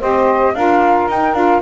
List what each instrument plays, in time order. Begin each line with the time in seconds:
0.00 double bass C4, saxophone G4 C5, flute D#5
0.55 double bass D4, saxophone F4 A#4, flute F5
1.09 double bass D#4, saxophone D#4, flute G5
1.34 double bass D4, saxophone F4, flute F5